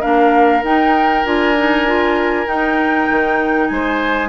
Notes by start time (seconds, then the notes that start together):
0.00 A#3 D4 A#4 F5
0.63 D#4 G5
1.24 D4 F4 G#5
1.57 D#4
1.87 F4
2.46 D#4 G5
3.10 D#3
3.67 G#3 C5 G#5